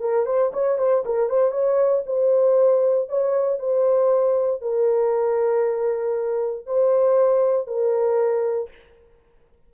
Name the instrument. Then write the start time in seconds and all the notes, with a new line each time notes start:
horn
0.00 A#4
0.25 C5
0.52 C#5
0.78 C5
1.05 A#4
1.29 C5
1.51 C#5
2.06 C5
3.09 C#5
3.59 C5
4.61 A#4
6.66 C5
7.67 A#4